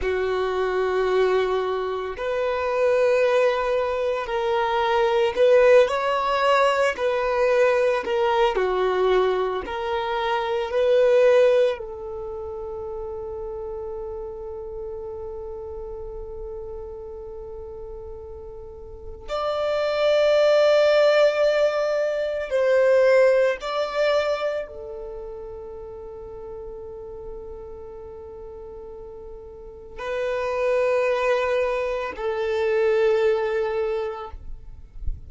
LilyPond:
\new Staff \with { instrumentName = "violin" } { \time 4/4 \tempo 4 = 56 fis'2 b'2 | ais'4 b'8 cis''4 b'4 ais'8 | fis'4 ais'4 b'4 a'4~ | a'1~ |
a'2 d''2~ | d''4 c''4 d''4 a'4~ | a'1 | b'2 a'2 | }